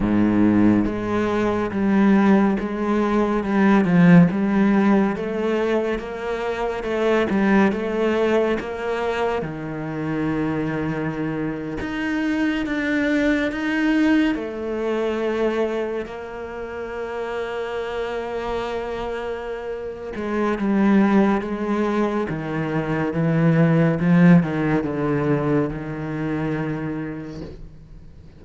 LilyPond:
\new Staff \with { instrumentName = "cello" } { \time 4/4 \tempo 4 = 70 gis,4 gis4 g4 gis4 | g8 f8 g4 a4 ais4 | a8 g8 a4 ais4 dis4~ | dis4.~ dis16 dis'4 d'4 dis'16~ |
dis'8. a2 ais4~ ais16~ | ais2.~ ais8 gis8 | g4 gis4 dis4 e4 | f8 dis8 d4 dis2 | }